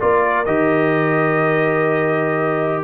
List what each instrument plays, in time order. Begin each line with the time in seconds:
0.00 tuba A#3, trombone F4, horn A#4, trumpet D5
0.45 tuba D#3, trombone G4, trumpet D#5